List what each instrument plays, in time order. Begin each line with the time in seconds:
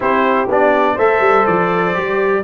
0.00 tuba C4, trombone E4, horn G4, trumpet C5
0.48 tuba B3, trombone D4, trumpet D5
0.94 tuba A3, trombone A4, horn C5, trumpet E5
1.20 tuba G3
1.45 tuba F3, trumpet D5
1.94 tuba G3, trombone G4